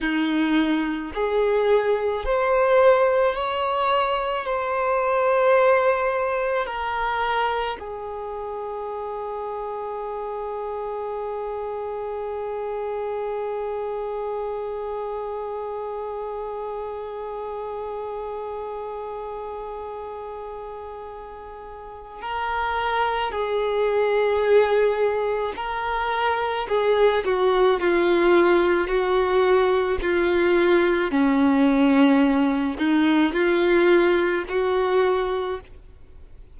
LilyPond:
\new Staff \with { instrumentName = "violin" } { \time 4/4 \tempo 4 = 54 dis'4 gis'4 c''4 cis''4 | c''2 ais'4 gis'4~ | gis'1~ | gis'1~ |
gis'1 | ais'4 gis'2 ais'4 | gis'8 fis'8 f'4 fis'4 f'4 | cis'4. dis'8 f'4 fis'4 | }